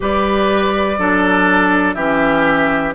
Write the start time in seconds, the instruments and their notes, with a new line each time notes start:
0.00 bassoon G3, clarinet G4, oboe B4, flute D5
0.98 bassoon F#3, clarinet D4, oboe A4
1.94 bassoon E3, clarinet C#4, oboe G4, flute E5